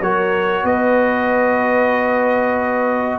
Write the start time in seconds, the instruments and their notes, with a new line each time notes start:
0.00 tuba F#3, trombone F#4, horn A#4, trumpet C#5
0.64 tuba B3, horn B4, trumpet D#5